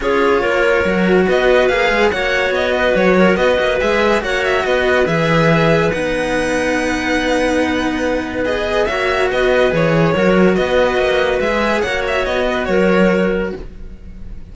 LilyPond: <<
  \new Staff \with { instrumentName = "violin" } { \time 4/4 \tempo 4 = 142 cis''2. dis''4 | f''4 fis''4 dis''4 cis''4 | dis''4 e''4 fis''8 e''8 dis''4 | e''2 fis''2~ |
fis''1 | dis''4 e''4 dis''4 cis''4~ | cis''4 dis''2 e''4 | fis''8 e''8 dis''4 cis''2 | }
  \new Staff \with { instrumentName = "clarinet" } { \time 4/4 gis'4 ais'2 b'4~ | b'4 cis''4. b'4 ais'8 | b'2 cis''4 b'4~ | b'1~ |
b'1~ | b'4 cis''4 b'2 | ais'4 b'2. | cis''4. b'8 ais'2 | }
  \new Staff \with { instrumentName = "cello" } { \time 4/4 f'2 fis'2 | gis'4 fis'2.~ | fis'4 gis'4 fis'2 | gis'2 dis'2~ |
dis'1 | gis'4 fis'2 gis'4 | fis'2. gis'4 | fis'1 | }
  \new Staff \with { instrumentName = "cello" } { \time 4/4 cis'4 ais4 fis4 b4 | ais8 gis8 ais4 b4 fis4 | b8 ais8 gis4 ais4 b4 | e2 b2~ |
b1~ | b4 ais4 b4 e4 | fis4 b4 ais4 gis4 | ais4 b4 fis2 | }
>>